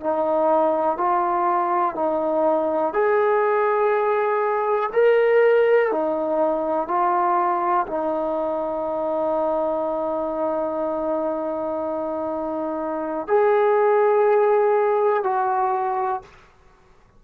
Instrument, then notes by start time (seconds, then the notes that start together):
trombone
0.00 D#4
0.97 F4
1.95 D#4
2.93 G#4
4.93 A#4
5.92 D#4
6.88 F4
7.87 D#4
13.27 G#4
15.23 F#4